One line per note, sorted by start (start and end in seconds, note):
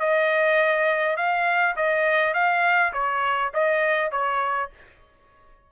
0.00 1.17 D#5
1.17 1.76 F5
1.76 2.34 D#5
2.34 2.93 F5
2.94 3.52 C#5
3.54 4.11 D#5
4.11 4.70 C#5